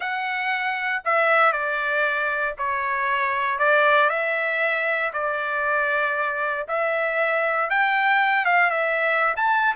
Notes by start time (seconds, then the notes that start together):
0.00 F#5
1.04 E5
1.52 D5
2.58 C#5
3.59 D5
4.09 E5
5.13 D5
6.68 E5
7.69 G5
8.45 F5
8.70 E5
9.36 A5